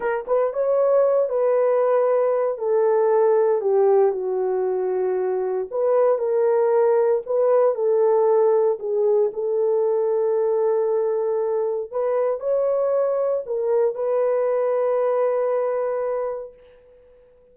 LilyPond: \new Staff \with { instrumentName = "horn" } { \time 4/4 \tempo 4 = 116 ais'8 b'8 cis''4. b'4.~ | b'4 a'2 g'4 | fis'2. b'4 | ais'2 b'4 a'4~ |
a'4 gis'4 a'2~ | a'2. b'4 | cis''2 ais'4 b'4~ | b'1 | }